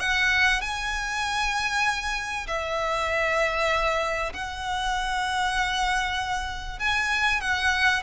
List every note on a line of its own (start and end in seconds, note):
0.00 0.61 F#5
0.61 2.47 G#5
2.47 4.33 E5
4.34 6.80 F#5
6.80 7.41 G#5
7.41 8.03 F#5